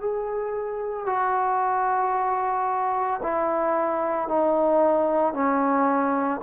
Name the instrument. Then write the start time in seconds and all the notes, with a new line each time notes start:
trombone
0.00 G#4
1.07 F#4
3.23 E4
4.28 D#4
5.33 C#4